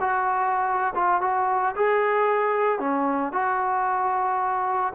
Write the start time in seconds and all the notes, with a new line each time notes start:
0.00 F#4
0.95 F4
1.21 F#4
1.76 G#4
2.79 C#4
3.32 F#4